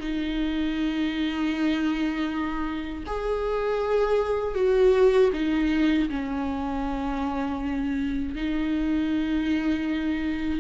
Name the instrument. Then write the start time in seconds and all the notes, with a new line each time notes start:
viola
0.00 D#4
3.06 G#4
4.55 F#4
5.33 D#4
6.09 C#4
8.35 D#4